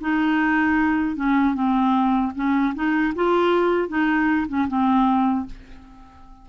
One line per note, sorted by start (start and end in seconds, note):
0.00 1.16 D#4
1.16 1.54 C#4
1.54 2.32 C4
2.35 2.74 C#4
2.74 3.13 D#4
3.15 3.88 F4
3.88 4.46 D#4
4.48 4.67 C#4
4.68 5.45 C4